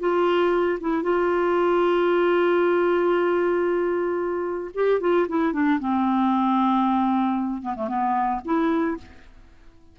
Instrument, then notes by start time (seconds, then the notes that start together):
clarinet
0.00 F4
0.80 E4
1.03 F4
4.75 G4
5.00 F4
5.28 E4
5.53 D4
5.80 C4
7.62 B3
7.76 A3
7.88 B3
8.45 E4